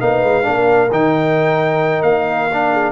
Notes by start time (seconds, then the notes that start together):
0.00 A#3 D#4 B4 F5
0.23 G#3
0.43 A#3 D4 A#4
0.91 D#3 D#4 G5
2.02 A#3 F5
2.53 D4
2.72 G#4